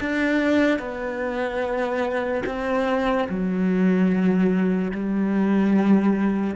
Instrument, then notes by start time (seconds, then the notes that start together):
cello
0.00 D4
0.79 B3
2.45 C4
3.29 F#3
4.91 G3